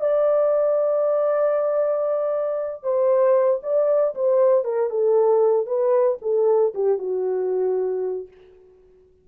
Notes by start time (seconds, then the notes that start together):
0.00 D5
2.83 C5
3.63 D5
4.14 C5
4.64 A#4
4.90 A4
5.66 B4
6.22 A4
6.74 G4
6.98 F#4